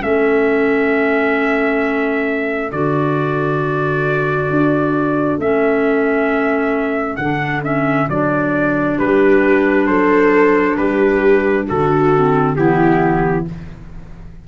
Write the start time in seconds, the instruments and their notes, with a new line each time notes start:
0.00 tuba A3, clarinet C#4, viola A4, trumpet E5
2.71 tuba D3, clarinet F#4, trumpet D5
4.50 tuba D4
5.38 tuba A3, clarinet C#4, trumpet E5
7.16 tuba D3, clarinet D4, trumpet F#5
7.62 clarinet C#4, trumpet E5
8.08 tuba F#3, clarinet D4, trumpet D5
8.98 tuba G3, viola G4, trumpet B4
9.86 tuba F#3, viola A4, trumpet C5
10.76 tuba G3, viola G4, trumpet B4
11.66 tuba D3, viola F#4, trumpet A4
12.15 clarinet C4
12.55 tuba E3, clarinet B3, viola E4, trumpet G4